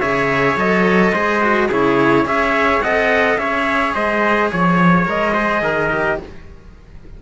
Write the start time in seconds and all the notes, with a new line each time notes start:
0.00 C#3 G#4 C#5 E5
0.56 F#3 A4 D#5
1.13 G#3 G#4 C5
1.42 F#4
1.67 C#3 E4 G#4 C#5
2.25 C#4 G#4 C#5 E5
2.80 C4 A4 D#5 F#5
3.37 C#4 G#4 C#5 E5
3.94 G#3 C5 D#5
4.51 F3 C#5
5.05 G#3 A#4 D#5
5.33 G#4 C5
5.61 D#3 A#4
5.90 G4